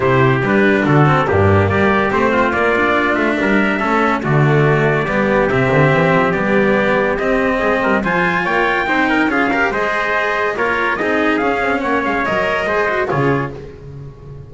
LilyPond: <<
  \new Staff \with { instrumentName = "trumpet" } { \time 4/4 \tempo 4 = 142 c''4 b'4 a'4 g'4 | d''4 c''4 d''4. e''8~ | e''2 d''2~ | d''4 e''2 d''4~ |
d''4 dis''2 gis''4 | g''2 f''4 dis''4~ | dis''4 cis''4 dis''4 f''4 | fis''8 f''8 dis''2 cis''4 | }
  \new Staff \with { instrumentName = "trumpet" } { \time 4/4 g'2 fis'4 d'4 | g'4. f'2~ f'8 | ais'4 a'4 fis'2 | g'1~ |
g'2 gis'8 ais'8 c''4 | cis''4 c''8 ais'8 gis'8 ais'8 c''4~ | c''4 ais'4 gis'2 | cis''2 c''4 gis'4 | }
  \new Staff \with { instrumentName = "cello" } { \time 4/4 e'4 d'4. c'8 ais4~ | ais4 c'4 ais8 d'4.~ | d'4 cis'4 a2 | b4 c'2 b4~ |
b4 c'2 f'4~ | f'4 dis'4 f'8 g'8 gis'4~ | gis'4 f'4 dis'4 cis'4~ | cis'4 ais'4 gis'8 fis'8 f'4 | }
  \new Staff \with { instrumentName = "double bass" } { \time 4/4 c4 g4 d4 g,4 | g4 a4 ais4. a8 | g4 a4 d2 | g4 c8 d8 e8 f8 g4~ |
g4 c'4 gis8 g8 f4 | ais4 c'4 cis'4 gis4~ | gis4 ais4 c'4 cis'8 c'8 | ais8 gis8 fis4 gis4 cis4 | }
>>